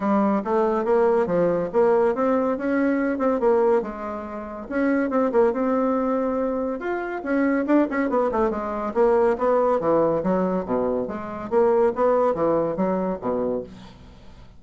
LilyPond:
\new Staff \with { instrumentName = "bassoon" } { \time 4/4 \tempo 4 = 141 g4 a4 ais4 f4 | ais4 c'4 cis'4. c'8 | ais4 gis2 cis'4 | c'8 ais8 c'2. |
f'4 cis'4 d'8 cis'8 b8 a8 | gis4 ais4 b4 e4 | fis4 b,4 gis4 ais4 | b4 e4 fis4 b,4 | }